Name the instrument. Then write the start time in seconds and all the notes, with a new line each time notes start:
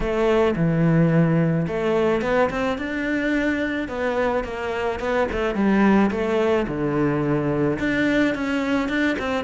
cello
0.00 A3
0.56 E3
1.67 A3
2.21 B3
2.50 C4
2.78 D4
3.88 B3
4.44 A#3
4.99 B3
5.32 A3
5.54 G3
6.10 A3
6.67 D3
7.79 D4
8.34 C#4
8.88 D4
9.18 C4